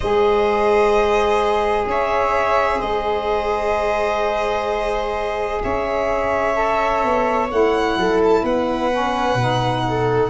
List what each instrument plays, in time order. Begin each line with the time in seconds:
0.00 tuba G#3, saxophone G#4, viola C5, violin D#5
1.85 tuba C#4, viola C#5, violin E5
2.78 tuba G#3, viola C5, violin D#5
5.63 tuba C#4, viola C#5, violin E5
6.54 saxophone A4
7.03 tuba B3
7.50 tuba A3, saxophone E4, violin F#5
7.96 tuba F#3, viola A4
8.23 violin A5
8.42 tuba B3, viola B4, violin F#5
8.90 saxophone C#4
9.34 tuba B2, saxophone D#4
9.88 viola A4